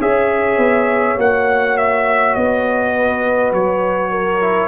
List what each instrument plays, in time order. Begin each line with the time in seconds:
0.00 tuba C#4, trombone G#4, horn C#5, trumpet E5
0.57 tuba B3
1.17 tuba A#3, trombone F#4, trumpet F#5
1.77 trumpet E5
2.34 tuba B3, trumpet D#5
2.96 horn B4
3.52 tuba F#3, trumpet C#5
4.10 horn A#4
4.41 trombone E4